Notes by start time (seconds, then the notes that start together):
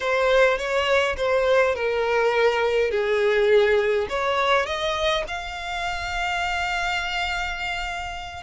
0.00 C5
0.57 C#5
1.17 C5
1.75 A#4
2.90 G#4
4.09 C#5
4.65 D#5
5.27 F5